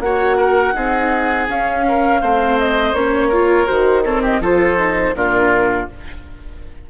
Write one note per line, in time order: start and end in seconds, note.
0.00 0.73 A#3
0.00 0.74 F#4
0.00 0.37 C#5
0.00 1.47 F#5
0.37 0.74 A#4
0.74 1.48 C4
0.74 1.47 D#4
0.74 1.86 G#4
1.48 2.22 C#4
1.48 2.59 F5
1.88 2.21 A#4
2.21 2.93 A3
2.21 2.95 C4
2.21 3.28 C5
2.59 2.95 D#5
2.93 3.67 A#3
2.93 3.33 C#4
2.93 3.67 C#5
3.28 3.67 F4
3.28 4.01 A#4
3.67 4.40 D#3
3.67 4.03 F#4
3.67 4.04 C5
4.04 4.43 C4
4.04 4.22 A4
4.04 4.23 C#5
4.22 4.40 G4
4.22 4.43 D#5
4.40 5.13 F3
4.40 4.78 F4
4.40 5.15 A4
4.40 5.16 C5
4.78 5.14 D#4
5.14 5.88 A#2
5.14 5.89 D4
5.14 5.90 F4
5.14 5.89 A#4